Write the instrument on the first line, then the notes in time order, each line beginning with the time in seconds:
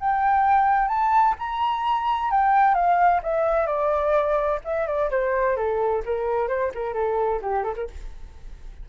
flute
0.00 G5
0.88 A5
1.39 A#5
2.31 G5
2.75 F5
3.23 E5
3.67 D5
4.65 E5
4.87 D5
5.11 C5
5.56 A4
6.05 A#4
6.48 C5
6.75 A#4
6.94 A4
7.42 G4
7.64 A4
7.76 A#4